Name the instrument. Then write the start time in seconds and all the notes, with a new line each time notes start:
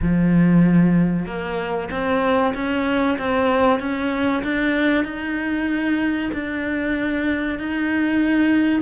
cello
0.01 F3
1.26 A#3
1.90 C4
2.54 C#4
3.18 C4
3.79 C#4
4.43 D4
5.04 D#4
6.33 D4
7.58 D#4